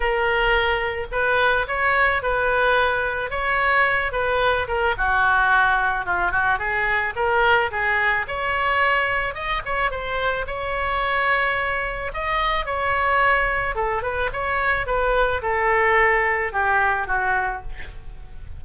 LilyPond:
\new Staff \with { instrumentName = "oboe" } { \time 4/4 \tempo 4 = 109 ais'2 b'4 cis''4 | b'2 cis''4. b'8~ | b'8 ais'8 fis'2 f'8 fis'8 | gis'4 ais'4 gis'4 cis''4~ |
cis''4 dis''8 cis''8 c''4 cis''4~ | cis''2 dis''4 cis''4~ | cis''4 a'8 b'8 cis''4 b'4 | a'2 g'4 fis'4 | }